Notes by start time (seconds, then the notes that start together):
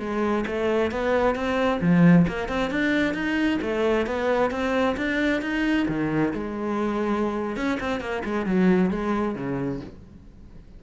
0.00 G#3
0.47 A3
0.91 B3
1.36 C4
1.82 F3
2.28 A#3
2.49 C4
2.71 D4
3.14 D#4
3.62 A3
4.07 B3
4.51 C4
4.97 D4
5.42 D#4
5.89 D#3
6.34 G#3
7.57 C#4
7.80 C4
8.01 A#3
8.25 G#3
8.46 F#3
8.91 G#3
9.36 C#3